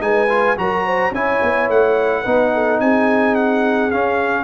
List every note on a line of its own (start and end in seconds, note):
0.00 0.56 G#3
0.00 0.28 D#4
0.00 0.59 B4
0.00 0.57 G#5
0.29 0.56 F4
0.57 1.11 F#3
0.57 1.12 F#4
0.57 0.86 A#4
0.57 1.14 A#5
0.86 1.11 C5
1.11 1.39 C#4
1.11 2.25 E4
1.11 2.22 C#5
1.11 1.70 G#5
1.42 1.69 B3
1.69 2.25 A3
1.69 2.80 F#5
2.22 2.80 B3
2.22 3.91 D#4
2.22 2.50 B4
2.54 2.81 A4
2.80 3.91 C4
2.80 4.44 G#4
2.80 3.35 G#5
3.35 3.91 F#5
3.91 4.44 C#4
3.91 4.44 F5